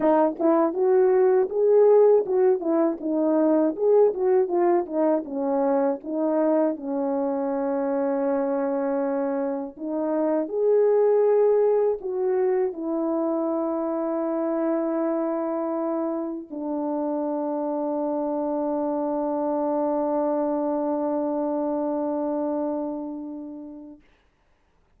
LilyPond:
\new Staff \with { instrumentName = "horn" } { \time 4/4 \tempo 4 = 80 dis'8 e'8 fis'4 gis'4 fis'8 e'8 | dis'4 gis'8 fis'8 f'8 dis'8 cis'4 | dis'4 cis'2.~ | cis'4 dis'4 gis'2 |
fis'4 e'2.~ | e'2 d'2~ | d'1~ | d'1 | }